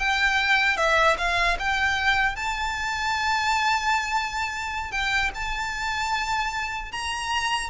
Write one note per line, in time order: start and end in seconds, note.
0.00 0.78 G5
0.78 1.17 E5
1.18 1.58 F5
1.59 2.36 G5
2.36 4.92 A5
4.92 5.31 G5
5.35 6.92 A5
6.92 7.70 A#5